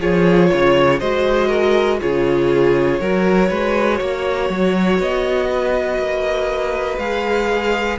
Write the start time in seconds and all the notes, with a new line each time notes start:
0.00 F3 F4 G#4 C#5
0.50 C#3 C#5
0.99 G#3 F#4 C5 D#5
1.48 A#4
2.00 C#3 F4 G#4 C#5
3.00 F#3 F#4 A#4
3.49 G#3 B4
3.98 A#3 C#5
4.50 F#3
4.99 B3 D#5
5.50 B4
5.98 A#3
6.98 G#3 G#4 F5